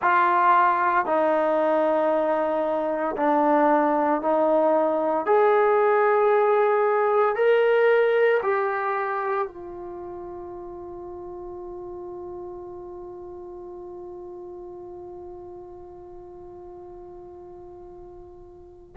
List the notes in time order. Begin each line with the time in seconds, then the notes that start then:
0.02 F4
1.05 D#4
3.16 D4
4.21 D#4
5.25 G#4
7.35 A#4
8.43 G4
9.47 F4